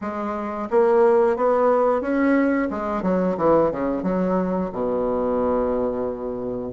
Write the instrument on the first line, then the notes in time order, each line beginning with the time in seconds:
bassoon
0.01 G#3
0.70 A#3
1.36 B3
2.01 C#4
2.70 G#3
3.02 F#3
3.37 E3
3.71 C#3
4.02 F#3
4.72 B2